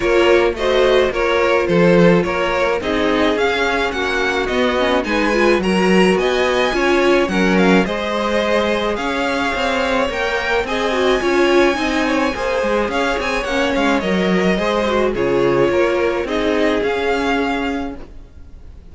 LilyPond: <<
  \new Staff \with { instrumentName = "violin" } { \time 4/4 \tempo 4 = 107 cis''4 dis''4 cis''4 c''4 | cis''4 dis''4 f''4 fis''4 | dis''4 gis''4 ais''4 gis''4~ | gis''4 fis''8 f''8 dis''2 |
f''2 g''4 gis''4~ | gis''2. f''8 gis''8 | fis''8 f''8 dis''2 cis''4~ | cis''4 dis''4 f''2 | }
  \new Staff \with { instrumentName = "violin" } { \time 4/4 ais'4 c''4 ais'4 a'4 | ais'4 gis'2 fis'4~ | fis'4 b'4 ais'4 dis''4 | cis''4 ais'4 c''2 |
cis''2. dis''4 | cis''4 dis''8 cis''8 c''4 cis''4~ | cis''2 c''4 gis'4 | ais'4 gis'2. | }
  \new Staff \with { instrumentName = "viola" } { \time 4/4 f'4 fis'4 f'2~ | f'4 dis'4 cis'2 | b8 cis'8 dis'8 f'8 fis'2 | f'4 cis'4 gis'2~ |
gis'2 ais'4 gis'8 fis'8 | f'4 dis'4 gis'2 | cis'4 ais'4 gis'8 fis'8 f'4~ | f'4 dis'4 cis'2 | }
  \new Staff \with { instrumentName = "cello" } { \time 4/4 ais4 a4 ais4 f4 | ais4 c'4 cis'4 ais4 | b4 gis4 fis4 b4 | cis'4 fis4 gis2 |
cis'4 c'4 ais4 c'4 | cis'4 c'4 ais8 gis8 cis'8 c'8 | ais8 gis8 fis4 gis4 cis4 | ais4 c'4 cis'2 | }
>>